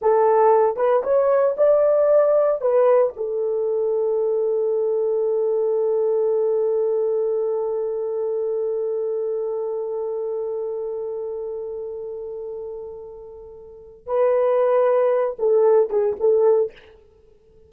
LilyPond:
\new Staff \with { instrumentName = "horn" } { \time 4/4 \tempo 4 = 115 a'4. b'8 cis''4 d''4~ | d''4 b'4 a'2~ | a'1~ | a'1~ |
a'1~ | a'1~ | a'2. b'4~ | b'4. a'4 gis'8 a'4 | }